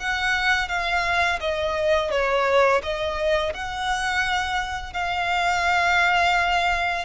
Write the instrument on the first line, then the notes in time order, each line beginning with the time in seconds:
violin
0.00 F#5
0.69 F5
1.41 D#5
2.11 C#5
2.83 D#5
3.54 F#5
4.93 F5